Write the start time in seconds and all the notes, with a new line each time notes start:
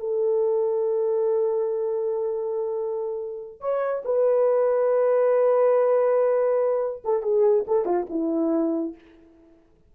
0.00 A4
3.61 C#5
4.05 B4
7.04 A4
7.23 G#4
7.68 A4
7.86 F4
8.10 E4